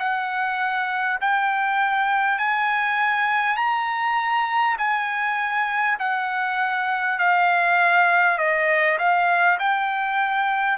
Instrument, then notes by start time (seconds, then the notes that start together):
trumpet
0.00 F#5
1.21 G5
2.39 G#5
3.57 A#5
4.79 G#5
5.99 F#5
7.19 F5
8.39 D#5
8.99 F5
9.59 G5